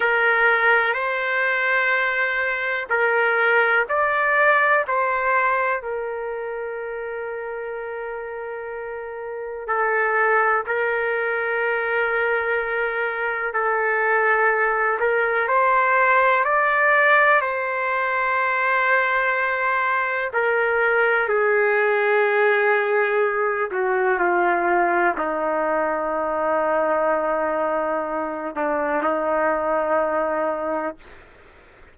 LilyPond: \new Staff \with { instrumentName = "trumpet" } { \time 4/4 \tempo 4 = 62 ais'4 c''2 ais'4 | d''4 c''4 ais'2~ | ais'2 a'4 ais'4~ | ais'2 a'4. ais'8 |
c''4 d''4 c''2~ | c''4 ais'4 gis'2~ | gis'8 fis'8 f'4 dis'2~ | dis'4. d'8 dis'2 | }